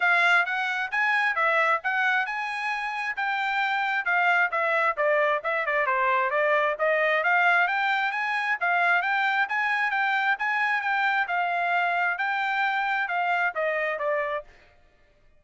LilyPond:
\new Staff \with { instrumentName = "trumpet" } { \time 4/4 \tempo 4 = 133 f''4 fis''4 gis''4 e''4 | fis''4 gis''2 g''4~ | g''4 f''4 e''4 d''4 | e''8 d''8 c''4 d''4 dis''4 |
f''4 g''4 gis''4 f''4 | g''4 gis''4 g''4 gis''4 | g''4 f''2 g''4~ | g''4 f''4 dis''4 d''4 | }